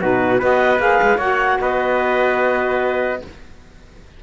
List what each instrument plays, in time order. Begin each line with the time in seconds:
0.00 cello B2, saxophone D#4, trumpet F#4, clarinet B4
0.39 cello B3, saxophone F#4, trumpet B4, clarinet D#5
0.78 cello A#3, saxophone G#4, clarinet F5
1.02 cello G#3
1.17 cello A#3, saxophone F#4, trumpet C#5, clarinet F#5
1.60 cello B3, trumpet B4, clarinet D#5